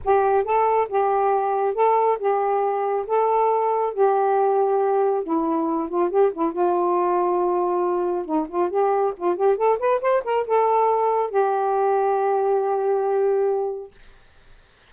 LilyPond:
\new Staff \with { instrumentName = "saxophone" } { \time 4/4 \tempo 4 = 138 g'4 a'4 g'2 | a'4 g'2 a'4~ | a'4 g'2. | e'4. f'8 g'8 e'8 f'4~ |
f'2. dis'8 f'8 | g'4 f'8 g'8 a'8 b'8 c''8 ais'8 | a'2 g'2~ | g'1 | }